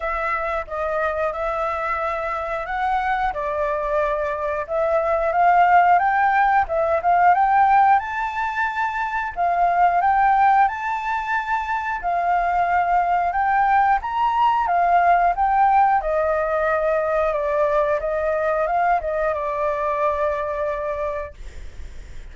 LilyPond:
\new Staff \with { instrumentName = "flute" } { \time 4/4 \tempo 4 = 90 e''4 dis''4 e''2 | fis''4 d''2 e''4 | f''4 g''4 e''8 f''8 g''4 | a''2 f''4 g''4 |
a''2 f''2 | g''4 ais''4 f''4 g''4 | dis''2 d''4 dis''4 | f''8 dis''8 d''2. | }